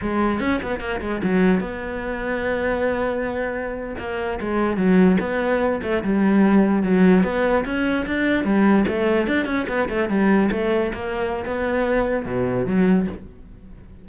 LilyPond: \new Staff \with { instrumentName = "cello" } { \time 4/4 \tempo 4 = 147 gis4 cis'8 b8 ais8 gis8 fis4 | b1~ | b4.~ b16 ais4 gis4 fis16~ | fis8. b4. a8 g4~ g16~ |
g8. fis4 b4 cis'4 d'16~ | d'8. g4 a4 d'8 cis'8 b16~ | b16 a8 g4 a4 ais4~ ais16 | b2 b,4 fis4 | }